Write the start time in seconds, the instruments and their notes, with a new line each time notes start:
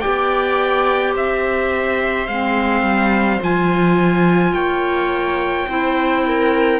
0.00 cello B3, clarinet G4, viola D5, trumpet G5
1.12 cello C4, viola C5, trumpet E5
2.27 cello G#3, clarinet C4, trumpet F5
2.82 cello G3
3.42 cello F3, clarinet F4, trumpet G#5
4.52 cello A#3, viola C#5, trumpet G5
5.67 cello C4, clarinet E4, viola C5
6.26 viola A#4